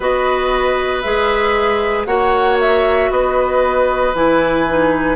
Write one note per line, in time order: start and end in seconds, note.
0.00 1.03 B3
0.00 1.03 F#4
0.00 2.06 B4
0.00 1.01 D#5
1.01 2.06 G#3
1.01 2.06 G#4
1.01 2.05 E5
2.05 3.09 A#3
2.05 4.13 F#4
2.05 3.10 C#5
2.05 2.57 F#5
2.60 3.11 E5
3.09 4.13 B3
3.09 5.16 B4
3.09 4.14 D#5
4.14 5.16 E3
4.14 4.66 E4
4.14 5.16 G#5
4.69 5.16 D#4